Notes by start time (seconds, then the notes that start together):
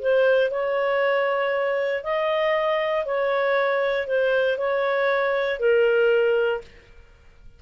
0.00 C5
0.51 C#5
2.04 D#5
3.06 C#5
4.07 C5
4.58 C#5
5.60 A#4